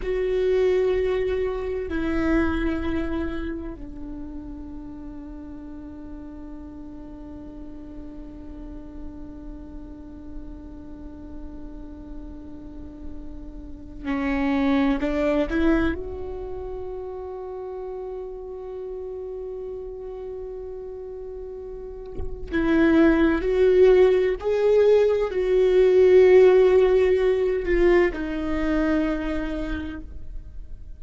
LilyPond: \new Staff \with { instrumentName = "viola" } { \time 4/4 \tempo 4 = 64 fis'2 e'2 | d'1~ | d'1~ | d'2. cis'4 |
d'8 e'8 fis'2.~ | fis'1 | e'4 fis'4 gis'4 fis'4~ | fis'4. f'8 dis'2 | }